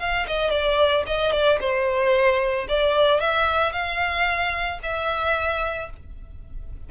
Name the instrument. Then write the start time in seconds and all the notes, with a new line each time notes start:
violin
0.00 F5
0.28 D#5
0.51 D5
1.07 D#5
1.32 D5
1.60 C5
2.69 D5
3.21 E5
3.73 F5
4.83 E5